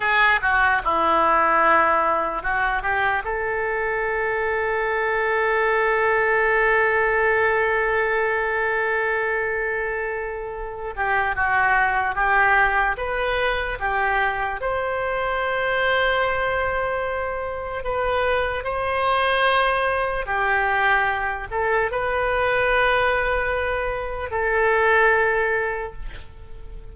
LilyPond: \new Staff \with { instrumentName = "oboe" } { \time 4/4 \tempo 4 = 74 gis'8 fis'8 e'2 fis'8 g'8 | a'1~ | a'1~ | a'4. g'8 fis'4 g'4 |
b'4 g'4 c''2~ | c''2 b'4 c''4~ | c''4 g'4. a'8 b'4~ | b'2 a'2 | }